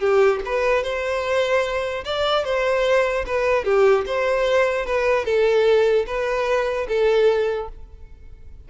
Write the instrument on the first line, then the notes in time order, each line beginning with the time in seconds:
violin
0.00 G4
0.46 B4
0.83 C5
2.04 D5
2.45 C5
3.26 B4
3.65 G4
4.06 C5
4.86 B4
5.25 A4
6.07 B4
6.88 A4